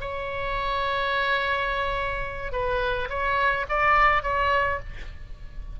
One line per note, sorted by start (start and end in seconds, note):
0.00 2.52 C#5
2.52 3.08 B4
3.09 3.66 C#5
3.69 4.22 D5
4.22 4.79 C#5